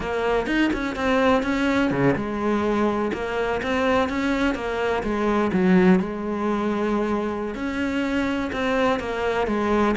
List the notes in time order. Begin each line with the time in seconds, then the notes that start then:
0.00 A#3
0.46 D#4
0.73 C#4
0.95 C4
1.42 C#4
1.90 C#3
2.15 G#3
3.13 A#3
3.62 C4
4.09 C#4
4.54 A#3
5.03 G#3
5.52 F#3
5.99 G#3
7.55 C#4
8.52 C4
8.99 A#3
9.47 G#3